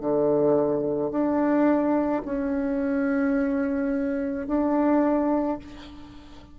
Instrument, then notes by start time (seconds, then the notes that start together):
bassoon
0.00 D3
1.11 D4
2.25 C#4
4.47 D4